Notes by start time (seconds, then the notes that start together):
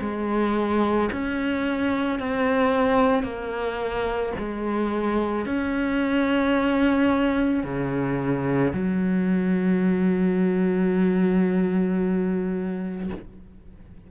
0.00 G#3
1.12 C#4
2.19 C4
3.23 A#3
4.38 G#3
5.45 C#4
7.64 C#3
8.73 F#3